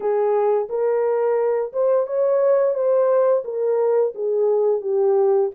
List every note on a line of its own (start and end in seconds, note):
0.00 0.68 G#4
0.69 1.72 A#4
1.72 2.07 C5
2.07 2.74 C#5
2.74 3.43 C5
3.44 4.13 A#4
4.14 4.81 G#4
4.81 5.50 G4